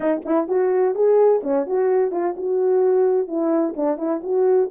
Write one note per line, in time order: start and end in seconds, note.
0.00 0.21 D#4
0.25 0.48 E4
0.48 0.94 F#4
0.94 1.41 G#4
1.43 1.66 C#4
1.66 2.11 F#4
2.11 2.35 F4
2.37 3.27 F#4
3.27 3.74 E4
3.76 3.97 D4
3.97 4.21 E4
4.23 4.70 F#4